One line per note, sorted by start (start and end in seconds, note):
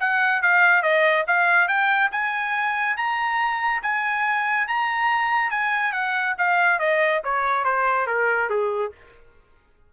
0.00 0.42 F#5
0.42 0.83 F5
0.83 1.25 D#5
1.27 1.68 F5
1.68 2.11 G5
2.12 2.97 G#5
2.97 3.82 A#5
3.83 4.68 G#5
4.68 5.50 A#5
5.50 5.92 G#5
5.92 6.35 F#5
6.38 6.79 F5
6.79 7.22 D#5
7.24 7.65 C#5
7.65 8.07 C5
8.07 8.50 A#4
8.50 8.92 G#4